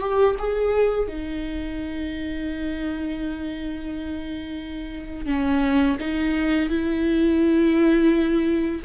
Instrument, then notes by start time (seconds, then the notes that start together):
viola
0.00 G4
0.39 G#4
1.08 D#4
5.27 C#4
6.00 D#4
6.70 E4